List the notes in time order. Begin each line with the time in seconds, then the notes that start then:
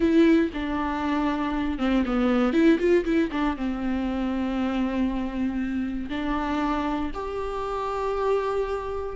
0.00 E4
0.53 D4
1.78 C4
2.05 B3
2.53 E4
2.79 F4
3.04 E4
3.31 D4
3.56 C4
6.09 D4
7.13 G4